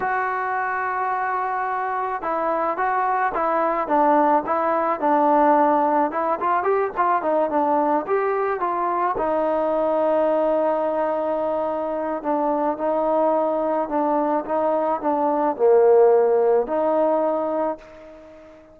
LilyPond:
\new Staff \with { instrumentName = "trombone" } { \time 4/4 \tempo 4 = 108 fis'1 | e'4 fis'4 e'4 d'4 | e'4 d'2 e'8 f'8 | g'8 f'8 dis'8 d'4 g'4 f'8~ |
f'8 dis'2.~ dis'8~ | dis'2 d'4 dis'4~ | dis'4 d'4 dis'4 d'4 | ais2 dis'2 | }